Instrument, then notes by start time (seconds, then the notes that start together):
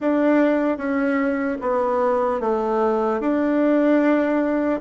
bassoon
0.00 D4
0.77 C#4
1.61 B3
2.40 A3
3.20 D4